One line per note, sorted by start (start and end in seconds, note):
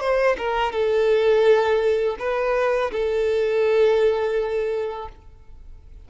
0.00 0.36 C5
0.37 0.72 A#4
0.72 2.16 A4
2.19 2.91 B4
2.91 5.08 A4